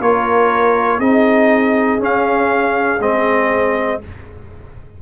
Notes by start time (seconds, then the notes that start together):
0.00 A#3 F4 A#4 C#5
0.99 C4 D#4 G#4 D#5
2.00 C#4 F5
3.00 G#3 C4 D#5